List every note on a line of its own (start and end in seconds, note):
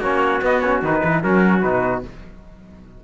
0.00 0.41 A#3
0.00 0.42 C#4
0.00 1.01 F#4
0.00 0.43 C#5
0.42 0.82 B3
0.42 0.62 B3
0.42 0.60 D#5
0.60 0.84 C#4
0.60 0.80 C#5
0.82 1.02 D#3
0.82 1.23 D#4
0.82 1.23 B4
1.03 1.23 E3
1.03 1.23 B4
1.23 1.64 F#3
1.23 1.62 C#4
1.23 2.04 F#4
1.23 1.61 A#4
1.61 2.04 B2
1.61 2.03 D#4
1.61 2.02 B4